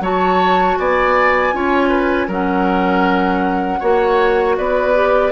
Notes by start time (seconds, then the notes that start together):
0.00 F#3 F#4 C#5 A5
0.78 B3 D5 G#5
1.53 C#4 F4 C#5
1.89 B4
2.28 F#3 C#4 A#4 F#5
3.80 A#3 F#4 C#5
4.58 B3 B4 D5
4.94 G4